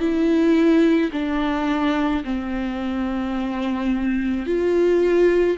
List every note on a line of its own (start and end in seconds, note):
0.00 1.11 E4
1.13 2.24 D4
2.24 4.46 C4
4.46 5.58 F4